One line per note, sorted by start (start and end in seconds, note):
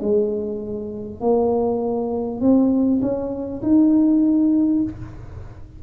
0.00 1.20 G#3
1.20 2.40 A#3
2.41 3.01 C4
3.01 3.61 C#4
3.62 4.82 D#4